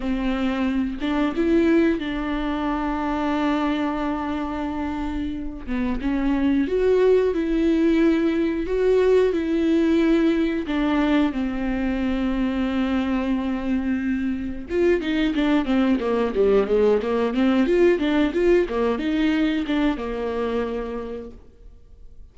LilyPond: \new Staff \with { instrumentName = "viola" } { \time 4/4 \tempo 4 = 90 c'4. d'8 e'4 d'4~ | d'1~ | d'8 b8 cis'4 fis'4 e'4~ | e'4 fis'4 e'2 |
d'4 c'2.~ | c'2 f'8 dis'8 d'8 c'8 | ais8 g8 gis8 ais8 c'8 f'8 d'8 f'8 | ais8 dis'4 d'8 ais2 | }